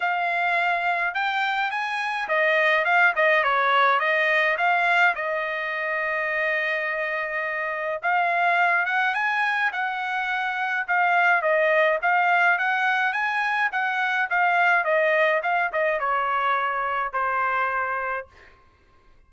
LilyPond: \new Staff \with { instrumentName = "trumpet" } { \time 4/4 \tempo 4 = 105 f''2 g''4 gis''4 | dis''4 f''8 dis''8 cis''4 dis''4 | f''4 dis''2.~ | dis''2 f''4. fis''8 |
gis''4 fis''2 f''4 | dis''4 f''4 fis''4 gis''4 | fis''4 f''4 dis''4 f''8 dis''8 | cis''2 c''2 | }